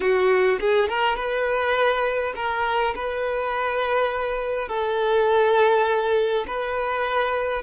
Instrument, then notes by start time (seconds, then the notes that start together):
violin
0.00 F#4
0.60 G#4
0.89 A#4
1.16 B4
2.35 A#4
2.95 B4
4.68 A4
6.47 B4